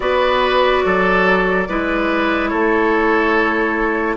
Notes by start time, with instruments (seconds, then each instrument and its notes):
0.00 bassoon B3, clarinet F#4, oboe B4, flute D5
0.84 bassoon F#3, oboe A4
1.68 bassoon G#3, clarinet E4, oboe B4
2.48 bassoon A3, oboe A4, flute C#5